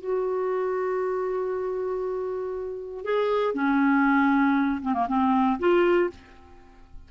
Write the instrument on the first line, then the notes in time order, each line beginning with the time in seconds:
clarinet
0.00 F#4
3.04 G#4
3.54 C#4
4.82 C4
4.94 A#3
5.08 C4
5.59 F4